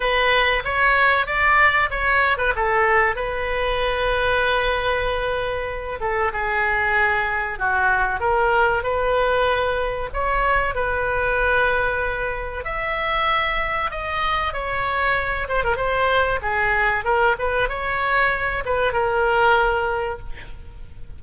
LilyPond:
\new Staff \with { instrumentName = "oboe" } { \time 4/4 \tempo 4 = 95 b'4 cis''4 d''4 cis''8. b'16 | a'4 b'2.~ | b'4. a'8 gis'2 | fis'4 ais'4 b'2 |
cis''4 b'2. | e''2 dis''4 cis''4~ | cis''8 c''16 ais'16 c''4 gis'4 ais'8 b'8 | cis''4. b'8 ais'2 | }